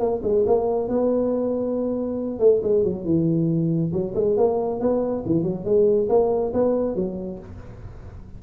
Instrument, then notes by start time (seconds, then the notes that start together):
tuba
0.00 A#3
0.24 G#3
0.47 A#3
0.89 B3
2.40 A3
2.63 G#3
2.84 F#3
3.05 E3
3.93 F#3
4.16 G#3
4.37 A#3
4.81 B3
5.26 E3
5.43 F#3
5.65 G#3
6.09 A#3
6.54 B3
6.96 F#3